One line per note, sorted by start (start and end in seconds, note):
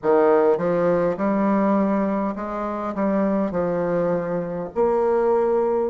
0.02 0.57 D#3
0.57 1.16 F3
1.17 2.35 G3
2.35 2.94 G#3
2.94 3.51 G3
3.51 4.68 F3
4.74 5.90 A#3